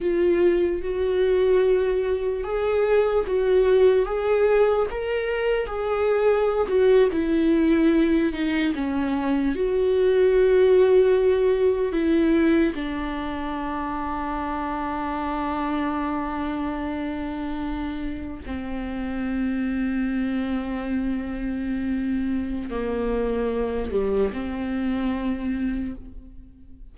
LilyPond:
\new Staff \with { instrumentName = "viola" } { \time 4/4 \tempo 4 = 74 f'4 fis'2 gis'4 | fis'4 gis'4 ais'4 gis'4~ | gis'16 fis'8 e'4. dis'8 cis'4 fis'16~ | fis'2~ fis'8. e'4 d'16~ |
d'1~ | d'2~ d'8. c'4~ c'16~ | c'1 | ais4. g8 c'2 | }